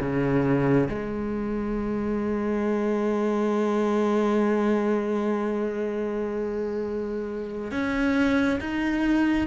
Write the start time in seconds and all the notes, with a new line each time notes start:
0.00 C#3
0.89 G#3
7.71 C#4
8.60 D#4